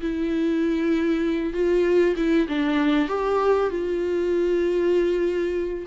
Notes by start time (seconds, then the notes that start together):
0.00 E4
1.53 F4
2.16 E4
2.48 D4
3.08 G4
3.69 F4